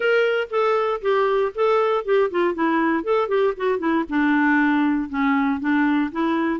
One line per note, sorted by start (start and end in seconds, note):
0.00 0.48 A#4
0.50 1.01 A4
1.01 1.52 G4
1.54 2.05 A4
2.05 2.30 G4
2.30 2.54 F4
2.54 3.03 E4
3.03 3.28 A4
3.28 3.53 G4
3.56 3.78 F#4
3.78 4.04 E4
4.09 5.09 D4
5.09 5.60 C#4
5.60 6.10 D4
6.11 6.60 E4